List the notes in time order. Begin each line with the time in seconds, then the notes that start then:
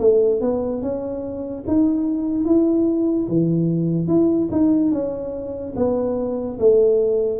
0.00 A3
0.41 B3
0.83 C#4
1.68 D#4
2.45 E4
3.29 E3
4.08 E4
4.52 D#4
4.92 C#4
5.76 B3
6.60 A3